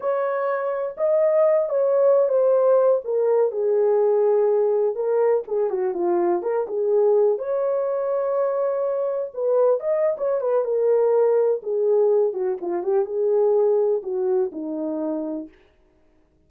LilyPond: \new Staff \with { instrumentName = "horn" } { \time 4/4 \tempo 4 = 124 cis''2 dis''4. cis''8~ | cis''8. c''4. ais'4 gis'8.~ | gis'2~ gis'16 ais'4 gis'8 fis'16~ | fis'16 f'4 ais'8 gis'4. cis''8.~ |
cis''2.~ cis''16 b'8.~ | b'16 dis''8. cis''8 b'8 ais'2 | gis'4. fis'8 f'8 g'8 gis'4~ | gis'4 fis'4 dis'2 | }